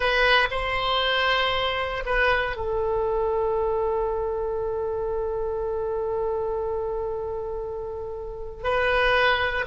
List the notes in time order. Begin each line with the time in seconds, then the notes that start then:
0.00 B4
0.51 C5
2.05 B4
2.56 A4
8.63 B4